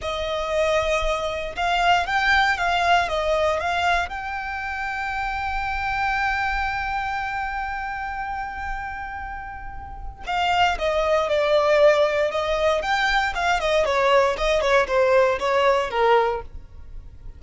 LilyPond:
\new Staff \with { instrumentName = "violin" } { \time 4/4 \tempo 4 = 117 dis''2. f''4 | g''4 f''4 dis''4 f''4 | g''1~ | g''1~ |
g''1 | f''4 dis''4 d''2 | dis''4 g''4 f''8 dis''8 cis''4 | dis''8 cis''8 c''4 cis''4 ais'4 | }